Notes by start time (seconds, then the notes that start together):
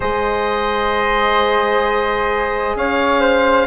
0.00 G#3 G#4 C5 D#5
2.75 C#4 C#5 F5
3.20 C5